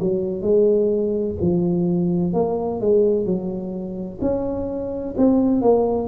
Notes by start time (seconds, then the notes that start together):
0.00 F#3
0.41 G#3
1.41 F3
2.33 A#3
2.80 G#3
3.26 F#3
4.21 C#4
5.17 C4
5.62 A#3